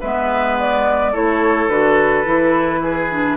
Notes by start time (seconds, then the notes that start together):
0.00 G#3 B3 B4 E5
0.60 D5
1.12 A3 E4 A4 C#5
1.68 D3 F#4 B4
2.25 E3 E4
2.82 G#4
3.10 D4